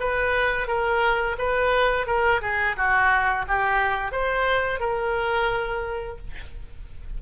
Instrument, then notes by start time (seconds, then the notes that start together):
oboe
0.00 B4
0.67 A#4
1.38 B4
2.07 A#4
2.42 G#4
2.77 F#4
3.48 G4
4.12 C5
4.80 A#4